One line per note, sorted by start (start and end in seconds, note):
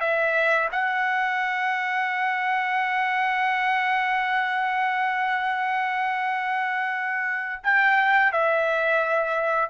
0.00 0.69 E5
0.72 7.61 F#5
7.63 8.32 G5
8.32 9.70 E5